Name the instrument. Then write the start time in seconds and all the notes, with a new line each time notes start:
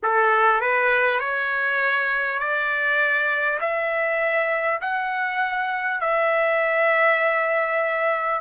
trumpet
0.03 A4
0.60 B4
1.19 C#5
2.39 D5
3.60 E5
4.81 F#5
6.01 E5